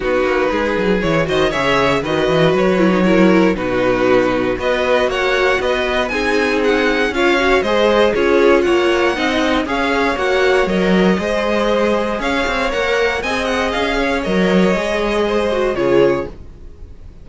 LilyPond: <<
  \new Staff \with { instrumentName = "violin" } { \time 4/4 \tempo 4 = 118 b'2 cis''8 dis''8 e''4 | dis''4 cis''2 b'4~ | b'4 dis''4 fis''4 dis''4 | gis''4 fis''4 f''4 dis''4 |
cis''4 fis''2 f''4 | fis''4 dis''2. | f''4 fis''4 gis''8 fis''8 f''4 | dis''2. cis''4 | }
  \new Staff \with { instrumentName = "violin" } { \time 4/4 fis'4 gis'4. c''8 cis''4 | b'2 ais'4 fis'4~ | fis'4 b'4 cis''4 b'4 | gis'2 cis''4 c''4 |
gis'4 cis''4 dis''4 cis''4~ | cis''2 c''2 | cis''2 dis''4. cis''8~ | cis''2 c''4 gis'4 | }
  \new Staff \with { instrumentName = "viola" } { \time 4/4 dis'2 e'8 fis'8 gis'4 | fis'4. e'16 dis'16 e'4 dis'4~ | dis'4 fis'2. | dis'2 f'8 fis'8 gis'4 |
f'2 dis'4 gis'4 | fis'4 ais'4 gis'2~ | gis'4 ais'4 gis'2 | ais'4 gis'4. fis'8 f'4 | }
  \new Staff \with { instrumentName = "cello" } { \time 4/4 b8 ais8 gis8 fis8 e8 dis8 cis4 | dis8 e8 fis2 b,4~ | b,4 b4 ais4 b4 | c'2 cis'4 gis4 |
cis'4 ais4 c'4 cis'4 | ais4 fis4 gis2 | cis'8 c'8 ais4 c'4 cis'4 | fis4 gis2 cis4 | }
>>